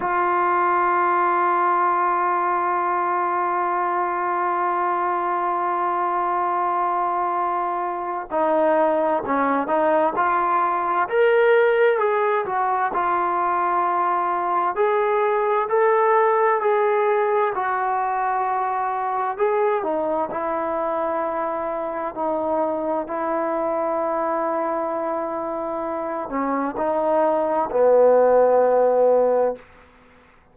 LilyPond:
\new Staff \with { instrumentName = "trombone" } { \time 4/4 \tempo 4 = 65 f'1~ | f'1~ | f'4 dis'4 cis'8 dis'8 f'4 | ais'4 gis'8 fis'8 f'2 |
gis'4 a'4 gis'4 fis'4~ | fis'4 gis'8 dis'8 e'2 | dis'4 e'2.~ | e'8 cis'8 dis'4 b2 | }